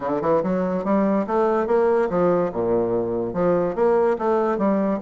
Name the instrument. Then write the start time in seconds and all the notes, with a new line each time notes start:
bassoon
0.00 D3
0.21 E3
0.43 F#3
0.84 G3
1.26 A3
1.67 A#3
2.09 F3
2.52 A#2
3.33 F3
3.75 A#3
4.18 A3
4.57 G3